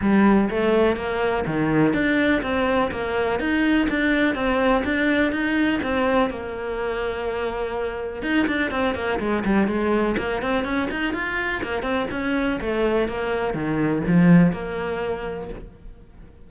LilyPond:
\new Staff \with { instrumentName = "cello" } { \time 4/4 \tempo 4 = 124 g4 a4 ais4 dis4 | d'4 c'4 ais4 dis'4 | d'4 c'4 d'4 dis'4 | c'4 ais2.~ |
ais4 dis'8 d'8 c'8 ais8 gis8 g8 | gis4 ais8 c'8 cis'8 dis'8 f'4 | ais8 c'8 cis'4 a4 ais4 | dis4 f4 ais2 | }